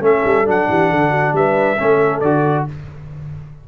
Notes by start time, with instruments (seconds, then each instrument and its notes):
0.00 tuba A3, trombone C#4, horn A4, trumpet E5
0.24 tuba G3
0.44 tuba F#3, trombone D4, trumpet F#5
0.68 tuba E3, horn G4
0.90 tuba D3, horn A4
1.10 horn F#4
1.32 tuba G3, horn B4, trumpet E5
1.78 tuba A3, trombone C#4, horn A4
2.20 tuba D3, trombone F#4, trumpet D5